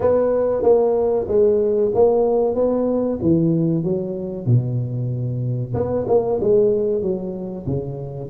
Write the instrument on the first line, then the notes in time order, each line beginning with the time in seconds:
tuba
0.00 B3
0.62 A#3
1.28 G#3
1.94 A#3
2.54 B3
3.22 E3
3.83 F#3
4.45 B2
5.73 B3
6.07 A#3
6.40 G#3
7.02 F#3
7.66 C#3